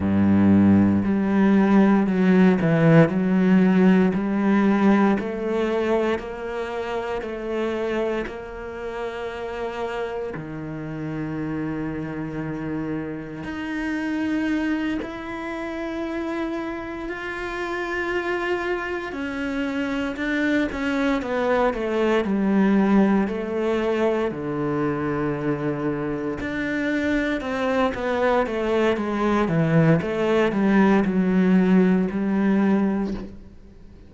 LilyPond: \new Staff \with { instrumentName = "cello" } { \time 4/4 \tempo 4 = 58 g,4 g4 fis8 e8 fis4 | g4 a4 ais4 a4 | ais2 dis2~ | dis4 dis'4. e'4.~ |
e'8 f'2 cis'4 d'8 | cis'8 b8 a8 g4 a4 d8~ | d4. d'4 c'8 b8 a8 | gis8 e8 a8 g8 fis4 g4 | }